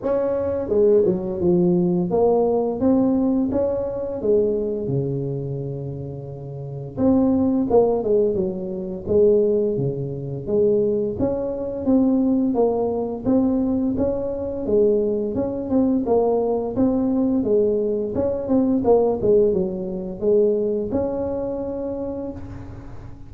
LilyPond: \new Staff \with { instrumentName = "tuba" } { \time 4/4 \tempo 4 = 86 cis'4 gis8 fis8 f4 ais4 | c'4 cis'4 gis4 cis4~ | cis2 c'4 ais8 gis8 | fis4 gis4 cis4 gis4 |
cis'4 c'4 ais4 c'4 | cis'4 gis4 cis'8 c'8 ais4 | c'4 gis4 cis'8 c'8 ais8 gis8 | fis4 gis4 cis'2 | }